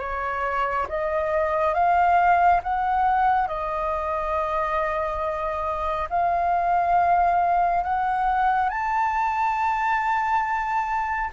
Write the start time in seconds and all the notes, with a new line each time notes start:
0.00 C#5
0.89 D#5
1.74 F5
2.64 F#5
3.48 D#5
6.10 F5
7.84 F#5
8.70 A5